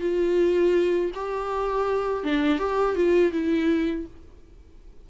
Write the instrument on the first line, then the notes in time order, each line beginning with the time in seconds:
viola
0.00 F4
1.14 G4
2.23 D4
2.58 G4
2.95 F4
3.32 E4